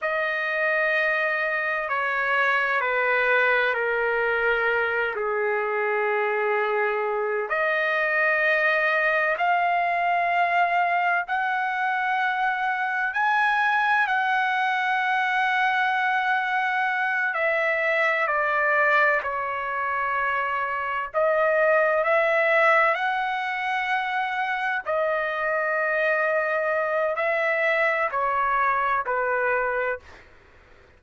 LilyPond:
\new Staff \with { instrumentName = "trumpet" } { \time 4/4 \tempo 4 = 64 dis''2 cis''4 b'4 | ais'4. gis'2~ gis'8 | dis''2 f''2 | fis''2 gis''4 fis''4~ |
fis''2~ fis''8 e''4 d''8~ | d''8 cis''2 dis''4 e''8~ | e''8 fis''2 dis''4.~ | dis''4 e''4 cis''4 b'4 | }